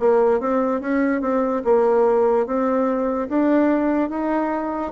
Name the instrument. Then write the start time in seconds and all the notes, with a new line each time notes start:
bassoon
0.00 A#3
0.40 C4
0.81 C#4
1.21 C4
1.64 A#3
2.47 C4
3.29 D4
4.10 D#4